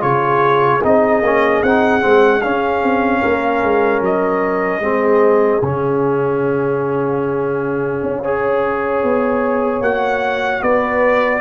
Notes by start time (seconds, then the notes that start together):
0.00 C#3 F4 G#4 C#5
0.82 C4 D#4 D#5
1.22 A#3 C#4
1.62 C4 D#4 F#5
2.00 G#3 C4
2.41 C#4 F5
2.82 C4
3.21 A#3 A#4
3.62 G#3
4.00 F#3 D#5
4.79 G#3 C4 G#4
5.62 C#3 C#4 F5
8.03 C#4
8.21 G#4 C#5
9.03 B3
9.81 A#3 F#4 F#5
10.62 B3 B4 D5